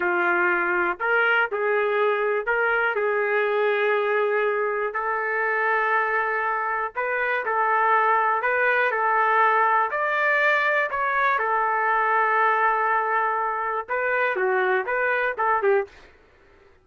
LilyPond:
\new Staff \with { instrumentName = "trumpet" } { \time 4/4 \tempo 4 = 121 f'2 ais'4 gis'4~ | gis'4 ais'4 gis'2~ | gis'2 a'2~ | a'2 b'4 a'4~ |
a'4 b'4 a'2 | d''2 cis''4 a'4~ | a'1 | b'4 fis'4 b'4 a'8 g'8 | }